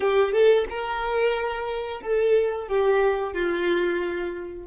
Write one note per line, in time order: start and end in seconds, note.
0.00 0.32 G4
0.32 0.65 A4
0.69 2.01 A#4
2.01 2.68 A4
2.68 3.33 G4
3.33 4.66 F4